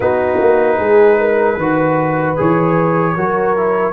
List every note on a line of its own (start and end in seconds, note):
0.00 0.38 B3
0.00 1.59 D#4
0.00 0.77 F#4
0.00 2.35 B4
0.40 0.79 A#3
0.77 1.57 G#3
0.77 1.16 G#4
1.18 1.55 A#4
1.55 2.36 D#3
1.55 2.36 F#4
1.55 3.13 B4
2.36 3.16 E3
2.36 3.15 G#4
2.36 3.92 C#5
3.16 3.92 F#3
3.16 3.56 F#4
3.16 3.92 A#4
3.56 3.92 E4